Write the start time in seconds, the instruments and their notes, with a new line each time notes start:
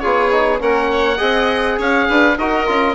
0.00 bassoon B3, trombone F4, violin G#4, oboe C#5
0.32 trombone D#4
0.59 bassoon A#3, trombone C#4, violin A#4, oboe F#5
0.92 violin C#5
1.17 bassoon C4, trombone G#4, violin D#5
1.79 bassoon C#4, violin C#5, oboe F5
2.09 bassoon D4, violin B4
2.38 bassoon D#4, trombone F#4, violin A#4, oboe D#5
2.67 bassoon C#4, trombone F4